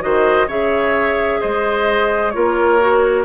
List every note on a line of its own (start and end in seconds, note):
0.00 0.47 D#3
0.00 0.46 F#4
0.00 0.47 C5
0.00 0.48 D#5
0.47 1.39 C#3
0.47 2.33 G#4
0.47 1.40 C#5
0.47 1.41 E5
1.40 2.35 G#3
1.40 2.32 C5
1.40 2.31 D#5
2.31 3.24 A#3
2.31 2.79 F4
2.31 3.24 A#4
2.31 3.23 C#5
2.79 3.24 F#4